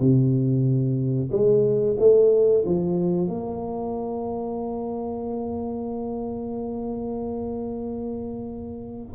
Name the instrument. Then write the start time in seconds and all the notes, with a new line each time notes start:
tuba
0.00 C3
1.32 G#3
1.99 A3
2.66 F3
3.28 A#3